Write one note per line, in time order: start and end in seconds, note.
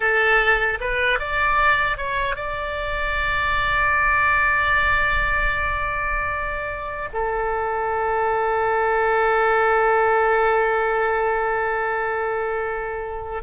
0.00 0.79 A4
0.80 1.19 B4
1.19 1.97 D5
1.97 2.35 C#5
2.35 7.09 D5
7.13 13.42 A4